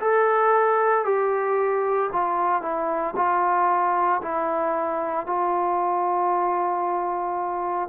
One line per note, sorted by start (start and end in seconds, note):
0.00 1.04 A4
1.04 2.10 G4
2.12 2.62 F4
2.62 3.14 E4
3.16 4.21 F4
4.22 5.26 E4
5.26 7.89 F4